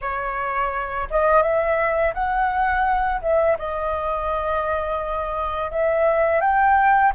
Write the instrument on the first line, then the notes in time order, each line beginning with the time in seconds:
flute
0.01 C#5
1.10 D#5
1.42 E5
2.14 F#5
3.21 E5
3.58 D#5
5.71 E5
6.41 G5